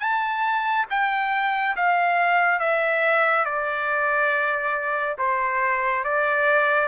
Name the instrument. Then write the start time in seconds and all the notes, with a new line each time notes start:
trumpet
0.00 A5
0.90 G5
1.76 F5
2.60 E5
3.46 D5
5.19 C5
6.05 D5